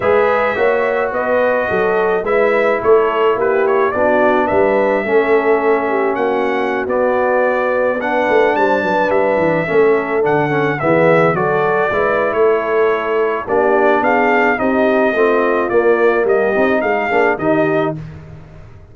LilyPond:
<<
  \new Staff \with { instrumentName = "trumpet" } { \time 4/4 \tempo 4 = 107 e''2 dis''2 | e''4 cis''4 b'8 cis''8 d''4 | e''2. fis''4~ | fis''16 d''2 fis''4 a''8.~ |
a''16 e''2 fis''4 e''8.~ | e''16 d''4.~ d''16 cis''2 | d''4 f''4 dis''2 | d''4 dis''4 f''4 dis''4 | }
  \new Staff \with { instrumentName = "horn" } { \time 4/4 b'4 cis''4 b'4 a'4 | b'4 a'4 g'4 fis'4 | b'4 a'4. g'8 fis'4~ | fis'2~ fis'16 b'4 c''8 b'16~ |
b'4~ b'16 a'2 gis'8.~ | gis'16 a'4 b'8. a'2 | g'4 gis'4 g'4 f'4~ | f'4 g'4 gis'4 g'4 | }
  \new Staff \with { instrumentName = "trombone" } { \time 4/4 gis'4 fis'2. | e'2. d'4~ | d'4 cis'2.~ | cis'16 b2 d'4.~ d'16~ |
d'4~ d'16 cis'4 d'8 cis'8 b8.~ | b16 fis'4 e'2~ e'8. | d'2 dis'4 c'4 | ais4. dis'4 d'8 dis'4 | }
  \new Staff \with { instrumentName = "tuba" } { \time 4/4 gis4 ais4 b4 fis4 | gis4 a4 ais4 b4 | g4 a2 ais4~ | ais16 b2~ b8 a8 g8 fis16~ |
fis16 g8 e8 a4 d4 e8.~ | e16 fis4 gis8. a2 | ais4 b4 c'4 a4 | ais4 g8 c'8 gis8 ais8 dis4 | }
>>